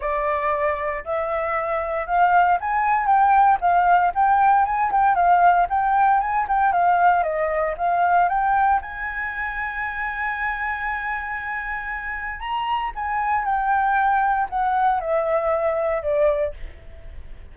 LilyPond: \new Staff \with { instrumentName = "flute" } { \time 4/4 \tempo 4 = 116 d''2 e''2 | f''4 gis''4 g''4 f''4 | g''4 gis''8 g''8 f''4 g''4 | gis''8 g''8 f''4 dis''4 f''4 |
g''4 gis''2.~ | gis''1 | ais''4 gis''4 g''2 | fis''4 e''2 d''4 | }